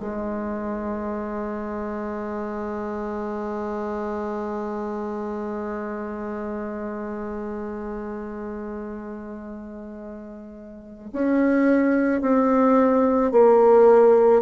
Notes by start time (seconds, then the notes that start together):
0.00 G#3
11.13 C#4
12.22 C4
13.32 A#3